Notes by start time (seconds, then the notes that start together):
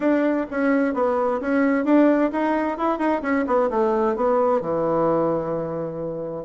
0.00 D4
0.50 C#4
0.94 B3
1.41 C#4
1.84 D4
2.32 D#4
2.77 E4
2.98 D#4
3.22 C#4
3.46 B3
3.69 A3
4.16 B3
4.61 E3